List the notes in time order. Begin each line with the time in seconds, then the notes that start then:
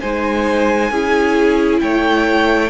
0.00 G#3 D#4 C5 G#5
0.91 C#4 E4 G#4
1.79 A3 C#5 G5